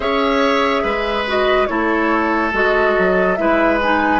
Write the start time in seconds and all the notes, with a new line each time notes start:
0.00 C#4 G#4 C#5 E5
0.83 G#3 B4
1.27 F#4 D#5
1.66 A3 E4 A4 C#5
2.52 G#3 F#4 D#5
2.98 F#3
3.35 G#3 E4 B4 E5
3.82 D#4 G#5